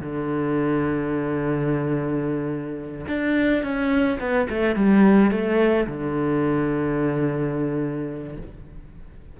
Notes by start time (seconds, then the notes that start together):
0.00 D3
3.08 D4
3.63 C#4
4.19 B3
4.49 A3
4.76 G3
5.31 A3
5.87 D3